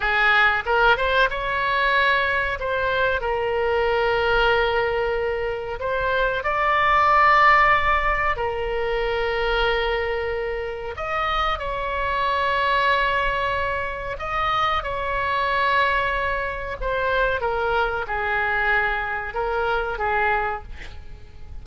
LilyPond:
\new Staff \with { instrumentName = "oboe" } { \time 4/4 \tempo 4 = 93 gis'4 ais'8 c''8 cis''2 | c''4 ais'2.~ | ais'4 c''4 d''2~ | d''4 ais'2.~ |
ais'4 dis''4 cis''2~ | cis''2 dis''4 cis''4~ | cis''2 c''4 ais'4 | gis'2 ais'4 gis'4 | }